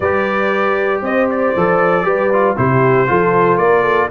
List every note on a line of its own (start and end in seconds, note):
0.00 1.01 G3
0.00 1.57 G4
0.00 1.03 B4
0.00 1.01 D5
1.01 1.52 C4
1.01 2.05 C5
1.01 1.29 D#5
1.30 2.57 D5
1.56 2.04 F3
1.56 2.04 A4
2.04 2.55 G3
2.04 2.29 G4
2.04 2.57 B4
2.33 2.56 F4
2.56 3.09 C3
2.56 3.07 E4
2.56 3.08 G4
2.56 3.57 C5
3.07 3.57 F3
3.07 4.09 F4
3.07 3.60 A4
3.57 4.08 A#3
3.57 3.82 A#4
3.57 4.08 D5
3.82 4.08 A4